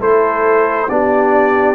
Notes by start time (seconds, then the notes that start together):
0.00 A3 E4 A4 C5
0.89 B3 D4 G4 D5